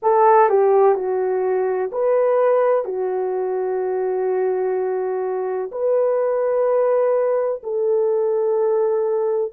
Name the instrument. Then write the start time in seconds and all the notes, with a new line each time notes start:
horn
0.02 A4
0.48 G4
0.95 F#4
1.92 B4
2.84 F#4
5.71 B4
7.63 A4